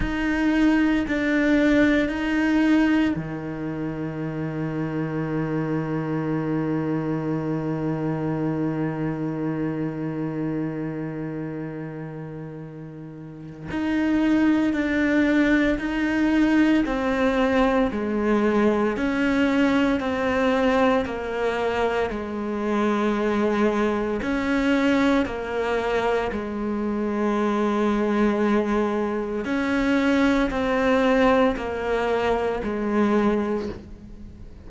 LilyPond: \new Staff \with { instrumentName = "cello" } { \time 4/4 \tempo 4 = 57 dis'4 d'4 dis'4 dis4~ | dis1~ | dis1~ | dis4 dis'4 d'4 dis'4 |
c'4 gis4 cis'4 c'4 | ais4 gis2 cis'4 | ais4 gis2. | cis'4 c'4 ais4 gis4 | }